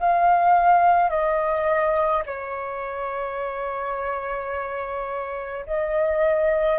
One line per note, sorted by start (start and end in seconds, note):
0.00 1.10 F5
1.10 2.23 D#5
2.26 5.66 C#5
5.67 6.79 D#5